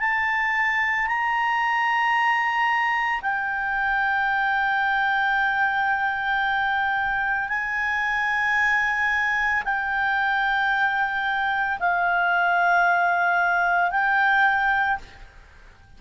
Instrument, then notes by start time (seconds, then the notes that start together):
clarinet
0.00 A5
1.07 A#5
3.21 G5
7.49 G#5
9.64 G5
11.80 F5
13.91 G5